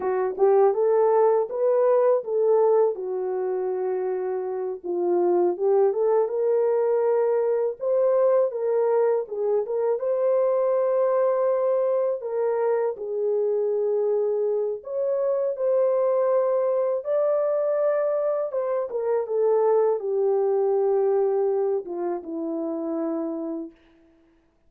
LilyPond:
\new Staff \with { instrumentName = "horn" } { \time 4/4 \tempo 4 = 81 fis'8 g'8 a'4 b'4 a'4 | fis'2~ fis'8 f'4 g'8 | a'8 ais'2 c''4 ais'8~ | ais'8 gis'8 ais'8 c''2~ c''8~ |
c''8 ais'4 gis'2~ gis'8 | cis''4 c''2 d''4~ | d''4 c''8 ais'8 a'4 g'4~ | g'4. f'8 e'2 | }